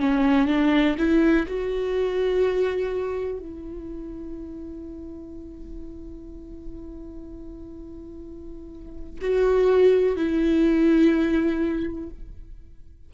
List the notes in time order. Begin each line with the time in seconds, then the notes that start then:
0.00 C#4
0.48 D4
0.98 E4
1.47 F#4
3.39 E4
9.21 F#4
10.16 E4